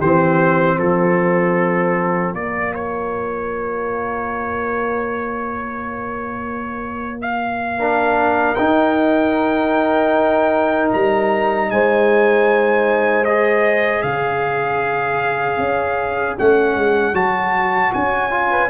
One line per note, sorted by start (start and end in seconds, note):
0.00 0.77 E3
0.00 2.35 C4
0.00 0.77 G4
0.00 0.78 C5
0.77 2.33 F3
0.77 7.78 F4
0.77 2.34 A4
2.33 8.57 A#3
2.33 7.78 A#3
2.33 2.73 D5
2.74 7.21 C#5
7.21 8.55 F5
7.78 8.56 D4
7.78 11.67 A#4
8.55 13.25 D#4
8.55 10.92 D#4
8.55 10.88 G5
10.93 11.70 G3
10.93 11.70 A#5
11.70 14.03 G#3
11.70 14.04 C5
11.70 13.24 G#5
13.24 16.38 G#4
13.24 14.02 D#5
14.02 15.58 C#3
14.02 18.50 C#5
14.02 16.36 F5
15.58 16.36 C#4
16.38 16.75 A3
16.38 17.14 C#4
16.38 17.15 F#5
16.75 17.13 G#3
17.13 17.91 F#3
17.13 18.30 F#4
17.13 17.93 A5
17.93 18.69 C#4
17.93 18.69 G#5
18.30 18.69 F4
18.50 18.69 B4